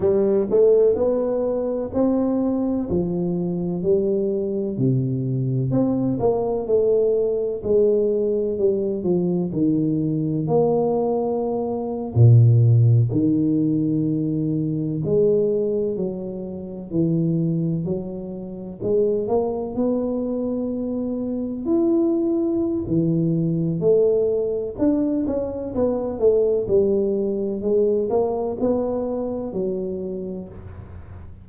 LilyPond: \new Staff \with { instrumentName = "tuba" } { \time 4/4 \tempo 4 = 63 g8 a8 b4 c'4 f4 | g4 c4 c'8 ais8 a4 | gis4 g8 f8 dis4 ais4~ | ais8. ais,4 dis2 gis16~ |
gis8. fis4 e4 fis4 gis16~ | gis16 ais8 b2 e'4~ e'16 | e4 a4 d'8 cis'8 b8 a8 | g4 gis8 ais8 b4 fis4 | }